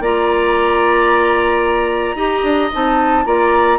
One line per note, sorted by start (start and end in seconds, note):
0.00 2.15 A#3
0.00 2.17 F4
0.00 2.16 D5
0.00 2.73 A#5
2.15 2.42 D#4
2.15 2.71 G4
2.15 3.25 D#5
2.44 2.71 D4
2.73 3.26 C4
2.73 3.25 D#4
2.73 3.26 A5
3.25 3.79 A#3
3.25 3.79 F4
3.25 3.79 D5
3.25 3.79 A#5